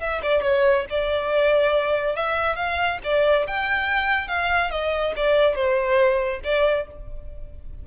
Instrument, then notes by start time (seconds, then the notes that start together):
violin
0.00 E5
0.23 D5
0.42 C#5
0.90 D5
2.16 E5
2.56 F5
3.04 D5
3.47 G5
4.28 F5
4.71 D#5
5.16 D5
5.55 C5
6.44 D5